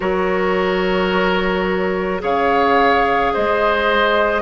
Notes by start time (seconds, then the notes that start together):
0.00 F#3 F#4 A#4 C#5
2.19 C#3 G#4 C#5 F5
3.33 G#3 C5 D#5